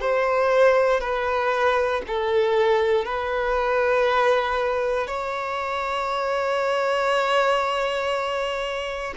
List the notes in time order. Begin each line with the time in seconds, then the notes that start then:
0.00 C5
1.00 B4
2.07 A4
3.05 B4
5.07 C#5